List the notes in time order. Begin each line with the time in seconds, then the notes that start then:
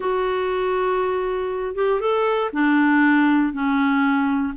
0.00 F#4
1.75 G4
2.00 A4
2.52 D4
3.53 C#4